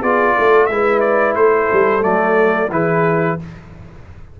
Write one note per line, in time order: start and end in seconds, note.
0.00 0.36 B3
0.00 0.70 F4
0.00 0.34 G#4
0.00 0.66 D5
0.36 0.69 A3
0.36 0.70 A4
0.66 1.36 G#3
0.66 2.01 E4
0.66 1.39 B4
0.66 1.00 E5
1.00 1.34 D5
1.36 1.70 A3
1.36 2.72 A4
1.36 2.03 C5
1.73 2.04 G3
2.01 2.70 F#3
2.01 2.68 A3
2.01 2.71 D5
2.70 3.37 E3
2.70 3.39 E4
2.70 3.40 G#4
2.70 3.39 B4